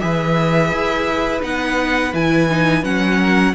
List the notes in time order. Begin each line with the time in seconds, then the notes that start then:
0.00 E3 G#4 B4 E5
0.72 E4
1.41 B3 D#4 F#5
2.13 E3 E4 G#5
2.50 D#4
2.83 F#3 C#4 F#5
3.18 A#4